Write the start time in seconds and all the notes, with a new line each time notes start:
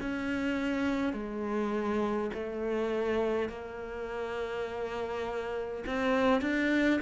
0.00 C#4
1.12 G#3
2.33 A3
3.49 A#3
5.86 C4
6.41 D4